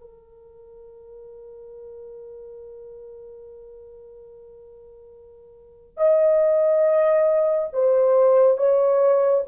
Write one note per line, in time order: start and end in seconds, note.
0.00 5.97 A#4
5.97 7.68 D#5
7.73 8.57 C5
8.57 9.43 C#5